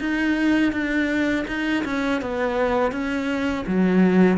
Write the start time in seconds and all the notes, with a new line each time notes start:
0.00 D#4
0.73 D4
1.48 D#4
1.85 C#4
2.22 B3
2.92 C#4
3.67 F#3